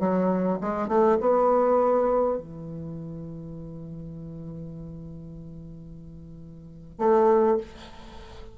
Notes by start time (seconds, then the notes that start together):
0.00 F#3
0.61 G#3
0.88 A3
1.21 B3
2.38 E3
6.99 A3